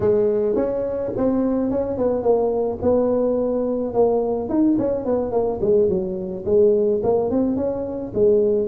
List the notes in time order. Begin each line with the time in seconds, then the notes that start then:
0.00 G#3
0.55 C#4
1.16 C4
1.71 C#4
1.97 B3
2.22 A#3
2.82 B3
3.93 A#3
4.49 D#4
4.78 C#4
5.05 B3
5.31 A#3
5.61 G#3
5.88 F#3
6.45 G#3
7.03 A#3
7.30 C4
7.56 C#4
8.14 G#3